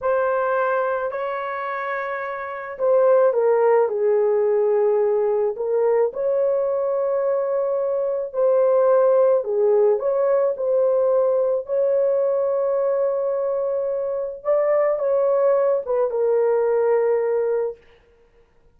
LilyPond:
\new Staff \with { instrumentName = "horn" } { \time 4/4 \tempo 4 = 108 c''2 cis''2~ | cis''4 c''4 ais'4 gis'4~ | gis'2 ais'4 cis''4~ | cis''2. c''4~ |
c''4 gis'4 cis''4 c''4~ | c''4 cis''2.~ | cis''2 d''4 cis''4~ | cis''8 b'8 ais'2. | }